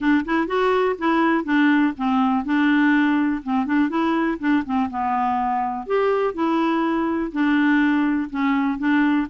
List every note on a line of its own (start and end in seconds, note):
0.00 0.25 D4
0.25 0.47 E4
0.47 0.96 F#4
0.98 1.44 E4
1.44 1.93 D4
1.97 2.44 C4
2.44 3.42 D4
3.43 3.66 C4
3.66 3.89 D4
3.89 4.38 E4
4.39 4.63 D4
4.65 4.89 C4
4.90 5.86 B3
5.86 6.34 G4
6.34 7.31 E4
7.32 8.29 D4
8.29 8.78 C#4
8.78 9.27 D4